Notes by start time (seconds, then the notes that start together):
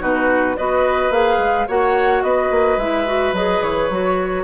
0.00 B2 D#4 F#4 B4
0.57 B3 F#4 B4 D#5
1.10 A#3 G#4 F5
1.38 G#3
1.67 A#3 F#4 C#5 F#5
2.23 B3 B4 D#5
2.51 A#3
2.77 G#3 E4 E5
3.06 F#4
3.33 F#3 G#4 D#5
3.62 E3 C#5
3.90 F#3 F#4